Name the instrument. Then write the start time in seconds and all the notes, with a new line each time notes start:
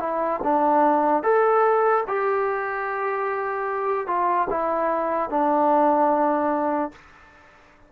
trombone
0.00 E4
0.44 D4
1.23 A4
2.08 G4
4.08 F4
4.50 E4
5.30 D4